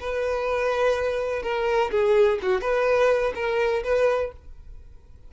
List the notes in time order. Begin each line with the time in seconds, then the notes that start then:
0.00 B4
1.43 A#4
1.91 G#4
2.42 F#4
2.61 B4
3.35 A#4
3.84 B4